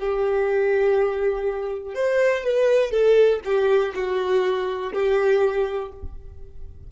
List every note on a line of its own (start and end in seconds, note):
0.00 1.95 G4
1.95 2.44 C5
2.44 2.92 B4
2.92 3.41 A4
3.45 3.94 G4
3.95 4.94 F#4
4.94 5.92 G4